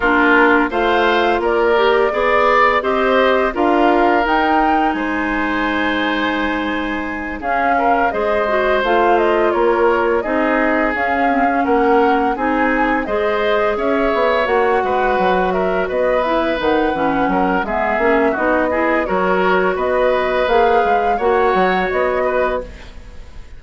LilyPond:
<<
  \new Staff \with { instrumentName = "flute" } { \time 4/4 \tempo 4 = 85 ais'4 f''4 d''2 | dis''4 f''4 g''4 gis''4~ | gis''2~ gis''8 f''4 dis''8~ | dis''8 f''8 dis''8 cis''4 dis''4 f''8~ |
f''8 fis''4 gis''4 dis''4 e''8~ | e''8 fis''4. e''8 dis''8 e''8 fis''8~ | fis''4 e''4 dis''4 cis''4 | dis''4 f''4 fis''4 dis''4 | }
  \new Staff \with { instrumentName = "oboe" } { \time 4/4 f'4 c''4 ais'4 d''4 | c''4 ais'2 c''4~ | c''2~ c''8 gis'8 ais'8 c''8~ | c''4. ais'4 gis'4.~ |
gis'8 ais'4 gis'4 c''4 cis''8~ | cis''4 b'4 ais'8 b'4.~ | b'8 ais'8 gis'4 fis'8 gis'8 ais'4 | b'2 cis''4. b'8 | }
  \new Staff \with { instrumentName = "clarinet" } { \time 4/4 d'4 f'4. g'8 gis'4 | g'4 f'4 dis'2~ | dis'2~ dis'8 cis'4 gis'8 | fis'8 f'2 dis'4 cis'8 |
c'16 cis'4~ cis'16 dis'4 gis'4.~ | gis'8 fis'2~ fis'8 e'8 dis'8 | cis'4 b8 cis'8 dis'8 e'8 fis'4~ | fis'4 gis'4 fis'2 | }
  \new Staff \with { instrumentName = "bassoon" } { \time 4/4 ais4 a4 ais4 b4 | c'4 d'4 dis'4 gis4~ | gis2~ gis8 cis'4 gis8~ | gis8 a4 ais4 c'4 cis'8~ |
cis'8 ais4 c'4 gis4 cis'8 | b8 ais8 gis8 fis4 b4 dis8 | e8 fis8 gis8 ais8 b4 fis4 | b4 ais8 gis8 ais8 fis8 b4 | }
>>